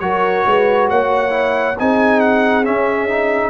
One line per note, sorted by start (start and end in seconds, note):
0.00 0.45 F#3
0.00 1.30 F#4
0.00 0.47 A#4
0.00 0.88 C#5
0.46 0.90 G#3
0.46 0.89 B4
0.89 1.78 A#3
0.89 1.78 C#5
0.89 1.78 F#5
1.30 1.74 E4
1.79 2.67 C4
1.79 2.65 D#4
1.79 3.50 G#4
1.79 2.20 G#5
2.20 2.65 F#5
2.65 3.08 C#4
2.65 3.50 C#4
2.65 3.50 E5
3.08 3.50 D#4